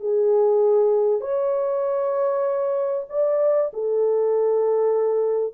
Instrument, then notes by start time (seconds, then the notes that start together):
horn
0.00 G#4
1.20 C#5
3.09 D5
3.73 A4